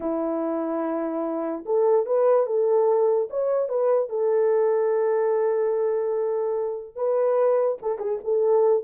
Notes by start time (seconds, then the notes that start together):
0.00 E4
1.65 A4
2.05 B4
2.46 A4
3.30 C#5
3.69 B4
4.09 A4
6.95 B4
7.82 A4
7.98 G#4
8.24 A4